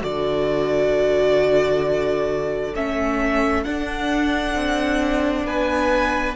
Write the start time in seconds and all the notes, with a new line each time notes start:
0.00 D3 F#4 A4 D5
2.75 A3 C#4 E5
3.64 D4 F#5
4.56 C4
5.45 B3 B4 G#5